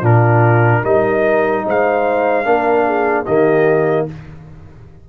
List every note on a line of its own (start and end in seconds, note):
0.00 0.83 A#2
0.00 0.84 D4
0.00 0.81 F4
0.00 0.85 A#4
0.82 1.65 G3
0.82 2.45 D#4
0.82 1.64 A#4
0.82 1.66 D#5
1.66 2.45 G#3
1.66 2.46 C5
1.66 3.26 F5
2.45 3.26 A#3
2.45 3.26 D4
2.45 2.86 A#4
2.86 3.25 G#4
3.25 4.09 D#3
3.25 4.09 A#3
3.25 4.06 G4
3.25 4.07 D#5